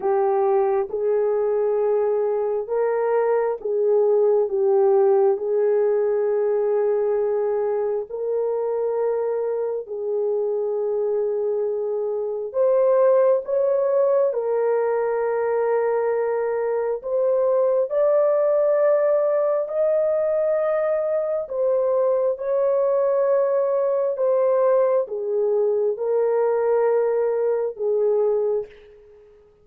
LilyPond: \new Staff \with { instrumentName = "horn" } { \time 4/4 \tempo 4 = 67 g'4 gis'2 ais'4 | gis'4 g'4 gis'2~ | gis'4 ais'2 gis'4~ | gis'2 c''4 cis''4 |
ais'2. c''4 | d''2 dis''2 | c''4 cis''2 c''4 | gis'4 ais'2 gis'4 | }